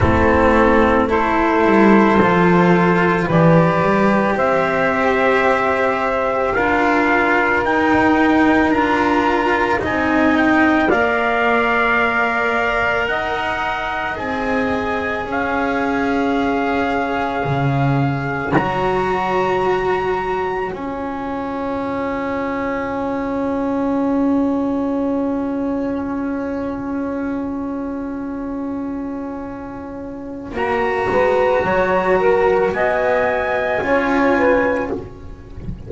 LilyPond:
<<
  \new Staff \with { instrumentName = "trumpet" } { \time 4/4 \tempo 4 = 55 a'4 c''2 d''4 | e''2 f''4 g''4 | ais''4 gis''8 g''8 f''2 | fis''4 gis''4 f''2~ |
f''4 ais''2 gis''4~ | gis''1~ | gis''1 | ais''2 gis''2 | }
  \new Staff \with { instrumentName = "saxophone" } { \time 4/4 e'4 a'2 b'4 | c''2 ais'2~ | ais'4 dis''4 d''2 | dis''2 cis''2~ |
cis''1~ | cis''1~ | cis''1~ | cis''8 b'8 cis''8 ais'8 dis''4 cis''8 b'8 | }
  \new Staff \with { instrumentName = "cello" } { \time 4/4 c'4 e'4 f'4 g'4~ | g'2 f'4 dis'4 | f'4 dis'4 ais'2~ | ais'4 gis'2.~ |
gis'4 fis'2 f'4~ | f'1~ | f'1 | fis'2. f'4 | }
  \new Staff \with { instrumentName = "double bass" } { \time 4/4 a4. g8 f4 e8 g8 | c'2 d'4 dis'4 | d'4 c'4 ais2 | dis'4 c'4 cis'2 |
cis4 fis2 cis'4~ | cis'1~ | cis'1 | ais8 gis8 fis4 b4 cis'4 | }
>>